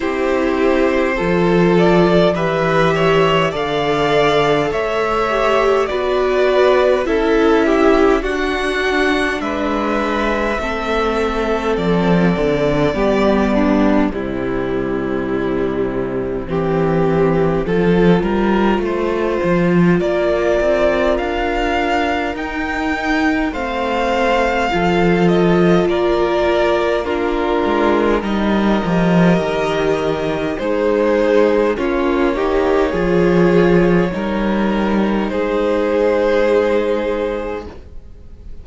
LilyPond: <<
  \new Staff \with { instrumentName = "violin" } { \time 4/4 \tempo 4 = 51 c''4. d''8 e''4 f''4 | e''4 d''4 e''4 fis''4 | e''2 d''2 | c''1~ |
c''4 d''4 f''4 g''4 | f''4. dis''8 d''4 ais'4 | dis''2 c''4 cis''4~ | cis''2 c''2 | }
  \new Staff \with { instrumentName = "violin" } { \time 4/4 g'4 a'4 b'8 cis''8 d''4 | cis''4 b'4 a'8 g'8 fis'4 | b'4 a'2 g'8 d'8 | e'2 g'4 a'8 ais'8 |
c''4 ais'2. | c''4 a'4 ais'4 f'4 | ais'2 dis'4 f'8 g'8 | gis'4 ais'4 gis'2 | }
  \new Staff \with { instrumentName = "viola" } { \time 4/4 e'4 f'4 g'4 a'4~ | a'8 g'8 fis'4 e'4 d'4~ | d'4 c'2 b4 | g2 c'4 f'4~ |
f'2. dis'4 | c'4 f'2 d'4 | dis'8 g'4. gis'4 cis'8 dis'8 | f'4 dis'2. | }
  \new Staff \with { instrumentName = "cello" } { \time 4/4 c'4 f4 e4 d4 | a4 b4 cis'4 d'4 | gis4 a4 f8 d8 g4 | c2 e4 f8 g8 |
a8 f8 ais8 c'8 d'4 dis'4 | a4 f4 ais4. gis8 | g8 f8 dis4 gis4 ais4 | f4 g4 gis2 | }
>>